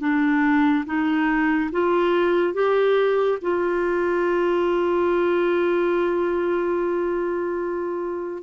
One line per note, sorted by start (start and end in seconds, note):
0.00 0.85 D4
0.85 1.70 D#4
1.71 2.54 F4
2.54 3.38 G4
3.41 8.43 F4